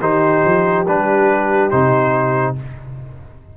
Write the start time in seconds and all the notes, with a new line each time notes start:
0.00 D#3 D#4 G4 C5
0.46 F3
0.87 G3 D4 B4
1.70 C3 D#4 C5